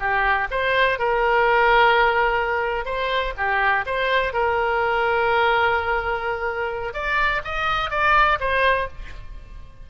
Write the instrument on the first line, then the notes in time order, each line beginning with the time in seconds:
oboe
0.00 G4
0.51 C5
0.99 A#4
2.86 C5
3.38 G4
3.86 C5
4.33 A#4
6.94 D5
7.44 D#5
7.90 D5
8.40 C5